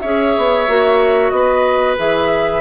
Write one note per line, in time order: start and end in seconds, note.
0.00 0.36 C#4
0.00 0.68 G#4
0.00 1.31 C#5
0.00 1.29 E5
0.37 0.68 B3
0.68 1.31 A#3
0.68 1.97 F#4
1.29 1.96 B3
1.29 2.61 B4
1.29 1.95 D#5
1.97 2.61 E3
1.97 2.61 G#4
1.97 2.61 E5